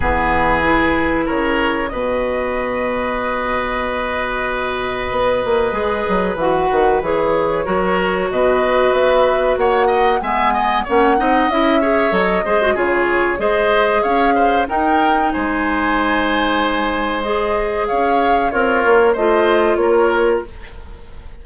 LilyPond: <<
  \new Staff \with { instrumentName = "flute" } { \time 4/4 \tempo 4 = 94 b'2 cis''4 dis''4~ | dis''1~ | dis''2 fis''4 cis''4~ | cis''4 dis''4 e''4 fis''4 |
gis''4 fis''4 e''4 dis''4 | cis''4 dis''4 f''4 g''4 | gis''2. dis''4 | f''4 cis''4 dis''4 cis''4 | }
  \new Staff \with { instrumentName = "oboe" } { \time 4/4 gis'2 ais'4 b'4~ | b'1~ | b'1 | ais'4 b'2 cis''8 dis''8 |
e''8 dis''8 cis''8 dis''4 cis''4 c''8 | gis'4 c''4 cis''8 c''8 ais'4 | c''1 | cis''4 f'4 c''4 ais'4 | }
  \new Staff \with { instrumentName = "clarinet" } { \time 4/4 b4 e'2 fis'4~ | fis'1~ | fis'4 gis'4 fis'4 gis'4 | fis'1 |
b4 cis'8 dis'8 e'8 gis'8 a'8 gis'16 fis'16 | f'4 gis'2 dis'4~ | dis'2. gis'4~ | gis'4 ais'4 f'2 | }
  \new Staff \with { instrumentName = "bassoon" } { \time 4/4 e2 cis4 b,4~ | b,1 | b8 ais8 gis8 fis8 e8 dis8 e4 | fis4 b,4 b4 ais4 |
gis4 ais8 c'8 cis'4 fis8 gis8 | cis4 gis4 cis'4 dis'4 | gis1 | cis'4 c'8 ais8 a4 ais4 | }
>>